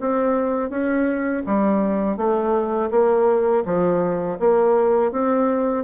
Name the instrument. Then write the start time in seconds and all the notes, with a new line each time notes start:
bassoon
0.00 C4
0.70 C#4
1.46 G3
2.17 A3
2.90 A#3
3.65 F3
4.39 A#3
5.11 C4